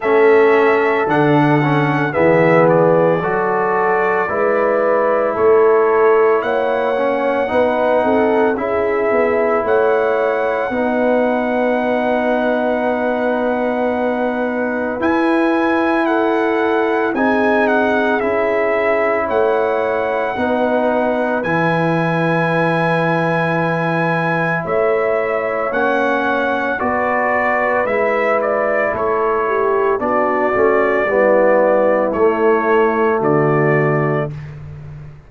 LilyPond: <<
  \new Staff \with { instrumentName = "trumpet" } { \time 4/4 \tempo 4 = 56 e''4 fis''4 e''8 d''4.~ | d''4 cis''4 fis''2 | e''4 fis''2.~ | fis''2 gis''4 fis''4 |
gis''8 fis''8 e''4 fis''2 | gis''2. e''4 | fis''4 d''4 e''8 d''8 cis''4 | d''2 cis''4 d''4 | }
  \new Staff \with { instrumentName = "horn" } { \time 4/4 a'2 gis'4 a'4 | b'4 a'4 cis''4 b'8 a'8 | gis'4 cis''4 b'2~ | b'2. a'4 |
gis'2 cis''4 b'4~ | b'2. cis''4~ | cis''4 b'2 a'8 g'8 | fis'4 e'2 fis'4 | }
  \new Staff \with { instrumentName = "trombone" } { \time 4/4 cis'4 d'8 cis'8 b4 fis'4 | e'2~ e'8 cis'8 dis'4 | e'2 dis'2~ | dis'2 e'2 |
dis'4 e'2 dis'4 | e'1 | cis'4 fis'4 e'2 | d'8 cis'8 b4 a2 | }
  \new Staff \with { instrumentName = "tuba" } { \time 4/4 a4 d4 e4 fis4 | gis4 a4 ais4 b8 c'8 | cis'8 b8 a4 b2~ | b2 e'2 |
c'4 cis'4 a4 b4 | e2. a4 | ais4 b4 gis4 a4 | b8 a8 g4 a4 d4 | }
>>